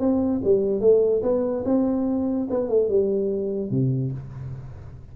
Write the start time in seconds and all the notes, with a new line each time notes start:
0.00 C4
0.44 G3
0.81 A3
1.23 B3
1.65 C4
2.51 B3
2.69 A3
2.89 G3
3.71 C3